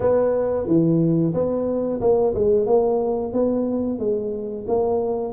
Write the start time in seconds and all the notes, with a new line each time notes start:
0.00 B3
0.67 E3
1.33 B3
2.00 A#3
2.34 G#3
2.66 A#3
3.32 B3
3.98 G#3
4.67 A#3